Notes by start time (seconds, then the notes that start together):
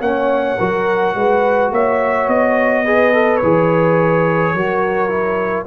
0.00 A#3 C#4 C#5 F#5
0.58 F#3 F#4 A#4
1.15 G#3 B4
1.71 A#3 C#5 E5
2.27 B3 D#5
2.84 G#4 B4
3.12 A4
3.37 E3 C#5
3.43 G#4
4.54 F#3 F#4 A#4
5.08 E4